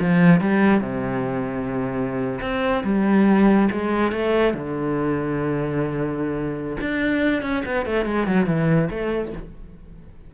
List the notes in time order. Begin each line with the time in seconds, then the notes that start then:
0.00 F3
0.41 G3
0.81 C3
2.41 C4
2.84 G3
3.72 G#3
4.12 A3
4.54 D3
6.81 D4
7.43 C#4
7.66 B3
7.86 A3
8.06 G#3
8.27 F#3
8.47 E3
8.90 A3